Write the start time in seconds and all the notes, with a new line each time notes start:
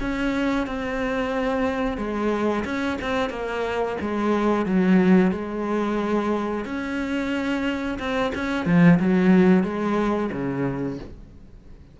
0.00 C#4
0.67 C4
1.97 G#3
2.64 C#4
3.01 C4
3.30 A#3
4.01 G#3
4.65 F#3
5.31 G#3
6.65 C#4
7.98 C4
8.35 C#4
8.65 F3
8.99 F#3
9.63 G#3
10.32 C#3